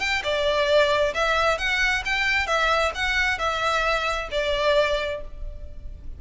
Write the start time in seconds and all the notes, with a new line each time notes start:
0.00 G5
0.24 D5
1.14 E5
1.58 F#5
2.05 G5
2.47 E5
2.95 F#5
3.39 E5
4.31 D5